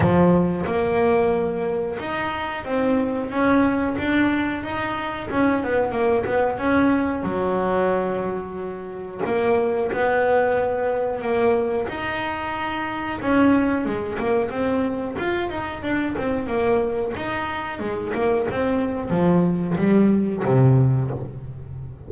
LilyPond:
\new Staff \with { instrumentName = "double bass" } { \time 4/4 \tempo 4 = 91 f4 ais2 dis'4 | c'4 cis'4 d'4 dis'4 | cis'8 b8 ais8 b8 cis'4 fis4~ | fis2 ais4 b4~ |
b4 ais4 dis'2 | cis'4 gis8 ais8 c'4 f'8 dis'8 | d'8 c'8 ais4 dis'4 gis8 ais8 | c'4 f4 g4 c4 | }